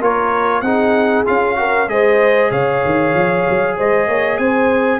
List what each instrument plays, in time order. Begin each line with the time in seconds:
0.00 tuba A#3, trombone F4, horn A#4, trumpet C#5
0.61 tuba C4, trombone D#4, horn G#4, trumpet F#5
1.26 tuba C#4, trombone F4, trumpet F5
1.55 trombone F#4, horn A#4
1.88 tuba G#3, trombone G#4, horn C5, trumpet D#5
2.51 tuba C#3, horn C#5, trumpet F5
2.85 tuba D#3
3.14 tuba F3
3.49 tuba F#3
3.77 tuba G#3, horn C5, trumpet D#5
4.07 tuba A#3, horn C#5
4.38 tuba C4, horn C5, trumpet G#5